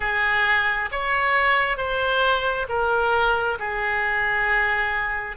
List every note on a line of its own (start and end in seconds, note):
0.00 0.90 G#4
0.91 1.77 C#5
1.77 2.66 C5
2.68 3.58 A#4
3.59 5.36 G#4